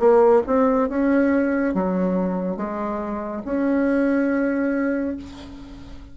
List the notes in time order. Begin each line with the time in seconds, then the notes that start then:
0.00 A#3
0.47 C4
0.89 C#4
1.75 F#3
2.57 G#3
3.46 C#4